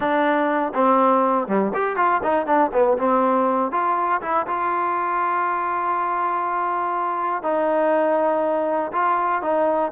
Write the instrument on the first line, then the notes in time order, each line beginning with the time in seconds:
trombone
0.00 D4
0.74 C4
1.47 G3
1.74 G4
1.96 F4
2.23 D#4
2.46 D4
2.73 B3
2.98 C4
3.71 F4
4.21 E4
4.46 F4
7.42 D#4
8.92 F4
9.42 D#4